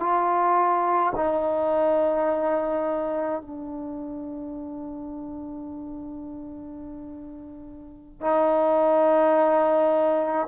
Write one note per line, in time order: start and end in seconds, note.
0.00 1.13 F4
1.16 3.42 D#4
3.42 8.21 D4
8.21 10.48 D#4